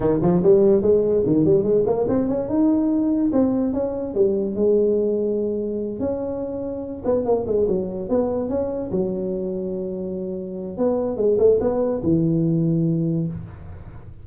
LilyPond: \new Staff \with { instrumentName = "tuba" } { \time 4/4 \tempo 4 = 145 dis8 f8 g4 gis4 dis8 g8 | gis8 ais8 c'8 cis'8 dis'2 | c'4 cis'4 g4 gis4~ | gis2~ gis8 cis'4.~ |
cis'4 b8 ais8 gis8 fis4 b8~ | b8 cis'4 fis2~ fis8~ | fis2 b4 gis8 a8 | b4 e2. | }